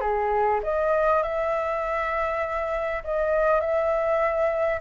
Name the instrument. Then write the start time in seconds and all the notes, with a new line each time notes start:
flute
0.00 G#4
0.63 D#5
1.22 E5
3.04 D#5
3.60 E5